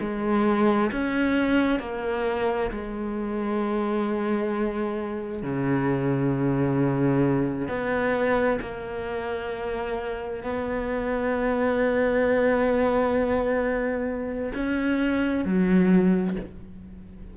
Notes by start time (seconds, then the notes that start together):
0.00 G#3
0.91 C#4
1.79 A#3
2.71 G#3
5.43 C#3
7.68 B3
8.61 A#3
10.43 B3
14.54 C#4
15.45 F#3